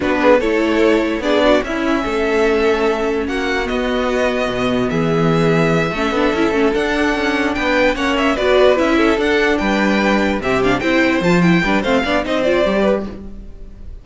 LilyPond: <<
  \new Staff \with { instrumentName = "violin" } { \time 4/4 \tempo 4 = 147 b'4 cis''2 d''4 | e''1 | fis''4 dis''2. | e''1~ |
e''8 fis''2 g''4 fis''8 | e''8 d''4 e''4 fis''4 g''8~ | g''4. e''8 f''8 g''4 a''8 | g''4 f''4 dis''8 d''4. | }
  \new Staff \with { instrumentName = "violin" } { \time 4/4 fis'8 gis'8 a'2 gis'8 fis'8 | e'4 a'2. | fis'1 | gis'2~ gis'8 a'4.~ |
a'2~ a'8 b'4 cis''8~ | cis''8 b'4. a'4. b'8~ | b'4. g'4 c''4.~ | c''8 b'8 c''8 d''8 c''4. b'8 | }
  \new Staff \with { instrumentName = "viola" } { \time 4/4 d'4 e'2 d'4 | cis'1~ | cis'4 b2.~ | b2~ b8 cis'8 d'8 e'8 |
cis'8 d'2. cis'8~ | cis'8 fis'4 e'4 d'4.~ | d'4. c'8 d'8 e'4 f'8 | e'8 d'8 c'8 d'8 dis'8 f'8 g'4 | }
  \new Staff \with { instrumentName = "cello" } { \time 4/4 b4 a2 b4 | cis'4 a2. | ais4 b2 b,4 | e2~ e8 a8 b8 cis'8 |
a8 d'4 cis'4 b4 ais8~ | ais8 b4 cis'4 d'4 g8~ | g4. c4 c'4 f8~ | f8 g8 a8 b8 c'4 g4 | }
>>